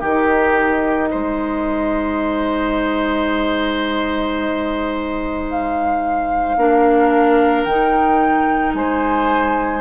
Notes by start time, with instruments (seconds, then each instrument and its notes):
0.00 bassoon D#3, oboe G4, flute D#5
0.06 clarinet D#4
1.10 bassoon G#3, oboe C5
5.50 flute F5
6.57 bassoon A#3, clarinet D4, oboe A#4
7.63 bassoon D#3, clarinet D#4, flute G5
8.74 bassoon G#3, oboe C5, flute G#5